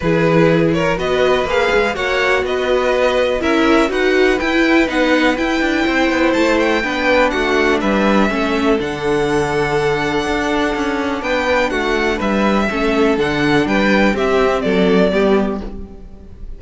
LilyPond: <<
  \new Staff \with { instrumentName = "violin" } { \time 4/4 \tempo 4 = 123 b'4. cis''8 dis''4 f''4 | fis''4 dis''2 e''4 | fis''4 g''4 fis''4 g''4~ | g''4 a''8 g''4. fis''4 |
e''2 fis''2~ | fis''2. g''4 | fis''4 e''2 fis''4 | g''4 e''4 d''2 | }
  \new Staff \with { instrumentName = "violin" } { \time 4/4 gis'4. ais'8 b'2 | cis''4 b'2 ais'4 | b'1 | c''2 b'4 fis'4 |
b'4 a'2.~ | a'2. b'4 | fis'4 b'4 a'2 | b'4 g'4 a'4 g'4 | }
  \new Staff \with { instrumentName = "viola" } { \time 4/4 e'2 fis'4 gis'4 | fis'2. e'4 | fis'4 e'4 dis'4 e'4~ | e'2 d'2~ |
d'4 cis'4 d'2~ | d'1~ | d'2 cis'4 d'4~ | d'4 c'2 b4 | }
  \new Staff \with { instrumentName = "cello" } { \time 4/4 e2 b4 ais8 gis8 | ais4 b2 cis'4 | dis'4 e'4 b4 e'8 d'8 | c'8 b8 a4 b4 a4 |
g4 a4 d2~ | d4 d'4 cis'4 b4 | a4 g4 a4 d4 | g4 c'4 fis4 g4 | }
>>